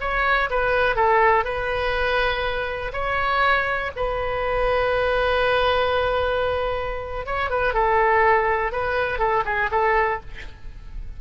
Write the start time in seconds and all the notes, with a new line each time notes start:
0.00 C#5
0.50 B4
0.95 A4
1.44 B4
2.93 C#5
3.95 B4
7.26 C#5
7.50 B4
7.73 A4
8.72 B4
9.19 A4
9.45 G#4
9.71 A4